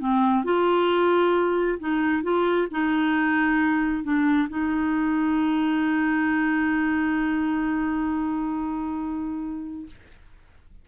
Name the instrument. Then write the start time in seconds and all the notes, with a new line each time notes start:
clarinet
0.00 C4
0.45 F4
1.80 D#4
2.24 F4
2.72 D#4
4.04 D4
4.50 D#4